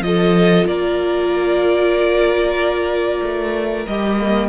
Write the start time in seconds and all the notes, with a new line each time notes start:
0.00 F3 F4 A4 D#5
0.66 A#3 A#4 D5
3.23 A3
3.86 G3 G4 D#5
4.20 A#3